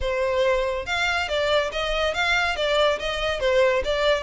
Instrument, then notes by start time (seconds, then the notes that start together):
violin
0.00 C5
0.86 F5
1.28 D5
1.71 D#5
2.14 F5
2.56 D5
2.99 D#5
3.40 C5
3.84 D5